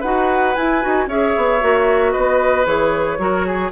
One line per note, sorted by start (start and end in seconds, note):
0.00 0.55 D#4
0.00 0.55 F#4
0.00 1.05 B4
0.00 0.55 F#5
0.55 0.81 E4
0.55 0.84 E4
0.55 1.07 G#5
0.81 1.06 D#4
0.81 1.08 F#4
1.06 1.33 C#4
1.06 1.60 G#4
1.06 2.12 C#5
1.06 2.12 E5
1.36 1.62 B3
1.60 2.15 A#3
1.60 2.65 F#4
2.12 2.66 B3
2.12 3.17 B4
2.12 2.64 D#5
2.65 3.18 E3
2.65 3.17 G#4
2.65 3.71 C#5
3.18 3.71 F#3
3.18 3.71 F#4
3.18 3.46 A#4
3.46 3.71 G#4